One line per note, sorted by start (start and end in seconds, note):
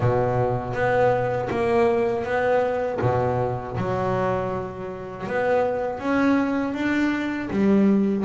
0.00 0.73 B2
0.73 1.48 B3
1.50 2.24 A#3
2.24 2.99 B3
3.01 3.76 B2
3.77 5.27 F#3
5.27 5.99 B3
5.99 6.74 C#4
6.74 7.49 D4
7.50 8.24 G3